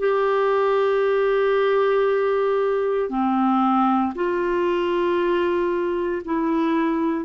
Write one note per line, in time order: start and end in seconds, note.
0.00 3.10 G4
3.10 4.13 C4
4.16 6.23 F4
6.25 7.26 E4